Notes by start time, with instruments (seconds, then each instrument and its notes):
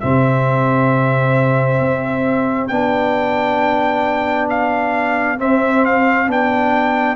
0.00 tuba C3, trombone C4, horn G4, trumpet E5
1.80 tuba C4
2.68 tuba B3, trombone D4, trumpet G5
4.50 trumpet F5
5.38 trombone C4, tuba C4, trumpet E5
5.85 trumpet F5
6.27 tuba B3, trombone D4, trumpet G5